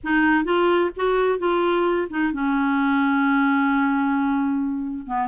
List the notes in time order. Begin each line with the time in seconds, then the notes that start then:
0.03 D#4
0.44 F4
0.96 F#4
1.38 F4
2.10 D#4
2.32 C#4
5.06 B3